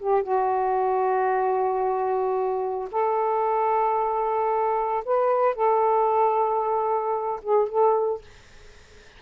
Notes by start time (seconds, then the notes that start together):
0.00 G4
0.24 F#4
2.92 A4
5.06 B4
5.55 A4
7.43 G#4
7.69 A4